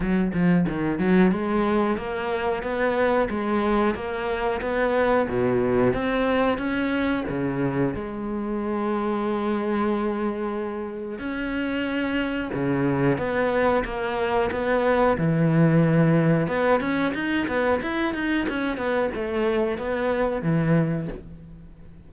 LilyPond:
\new Staff \with { instrumentName = "cello" } { \time 4/4 \tempo 4 = 91 fis8 f8 dis8 fis8 gis4 ais4 | b4 gis4 ais4 b4 | b,4 c'4 cis'4 cis4 | gis1~ |
gis4 cis'2 cis4 | b4 ais4 b4 e4~ | e4 b8 cis'8 dis'8 b8 e'8 dis'8 | cis'8 b8 a4 b4 e4 | }